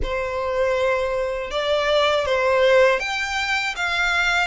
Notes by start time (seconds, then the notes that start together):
0.02 C5
1.50 D5
2.25 C5
2.99 G5
3.76 F5